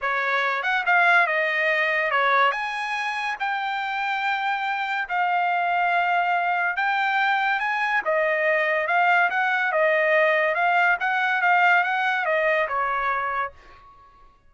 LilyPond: \new Staff \with { instrumentName = "trumpet" } { \time 4/4 \tempo 4 = 142 cis''4. fis''8 f''4 dis''4~ | dis''4 cis''4 gis''2 | g''1 | f''1 |
g''2 gis''4 dis''4~ | dis''4 f''4 fis''4 dis''4~ | dis''4 f''4 fis''4 f''4 | fis''4 dis''4 cis''2 | }